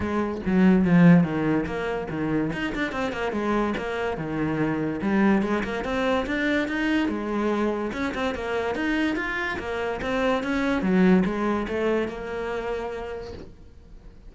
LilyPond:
\new Staff \with { instrumentName = "cello" } { \time 4/4 \tempo 4 = 144 gis4 fis4 f4 dis4 | ais4 dis4 dis'8 d'8 c'8 ais8 | gis4 ais4 dis2 | g4 gis8 ais8 c'4 d'4 |
dis'4 gis2 cis'8 c'8 | ais4 dis'4 f'4 ais4 | c'4 cis'4 fis4 gis4 | a4 ais2. | }